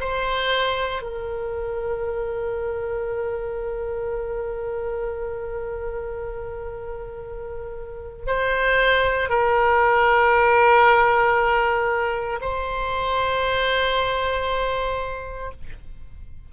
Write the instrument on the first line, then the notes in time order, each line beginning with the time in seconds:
oboe
0.00 C5
1.02 A#4
8.27 C5
9.30 A#4
12.41 C5